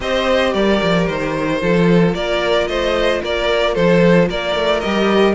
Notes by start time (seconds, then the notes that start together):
0.00 C4 G4 C5 D#5
0.52 G3 A#4 D5
0.82 F3
1.06 D#3 C5
1.61 F3 F4 A4
2.14 A#3 A#4 D5
2.67 A3 C5 D#5
3.23 A#3 A#4 D5
3.74 F3 A4 C5
4.28 A#3 A#4 D5
4.55 A3
4.80 G3 G4 D#5